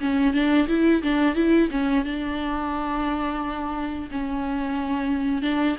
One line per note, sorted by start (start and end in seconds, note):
0.00 0.33 C#4
0.33 0.67 D4
0.68 1.02 E4
1.02 1.35 D4
1.35 1.69 E4
1.70 2.04 C#4
2.04 4.09 D4
4.11 5.42 C#4
5.42 5.76 D4